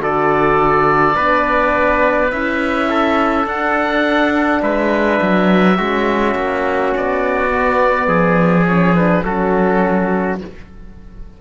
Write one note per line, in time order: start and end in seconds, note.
0.00 1.15 D3
0.00 1.15 F#4
0.00 1.16 A4
0.00 2.31 D5
1.16 2.32 B3
1.16 2.31 D4
1.16 2.89 B4
2.31 3.46 C#4
2.31 3.45 E4
2.31 3.46 E5
2.90 4.63 A4
3.45 5.76 D4
3.45 4.61 D4
3.45 4.63 F#5
4.62 5.20 G#3
4.62 5.77 B4
4.62 6.94 E5
5.22 5.79 F#3
5.77 6.35 G#3
5.77 7.50 C#4
5.77 8.08 F#4
6.35 6.93 A#3
6.97 8.08 B3
6.97 8.67 D5
7.50 8.66 B3
8.08 9.23 F3
8.08 9.24 G#4
8.66 8.95 C#4
8.66 8.95 C#5
8.95 9.24 D4
8.95 9.24 B4
9.24 10.41 F#3
9.24 10.40 C#4
9.24 10.40 F#4
9.24 10.40 A4